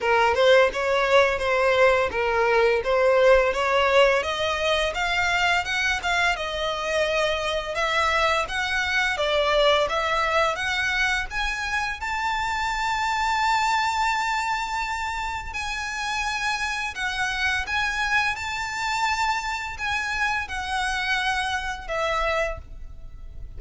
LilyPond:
\new Staff \with { instrumentName = "violin" } { \time 4/4 \tempo 4 = 85 ais'8 c''8 cis''4 c''4 ais'4 | c''4 cis''4 dis''4 f''4 | fis''8 f''8 dis''2 e''4 | fis''4 d''4 e''4 fis''4 |
gis''4 a''2.~ | a''2 gis''2 | fis''4 gis''4 a''2 | gis''4 fis''2 e''4 | }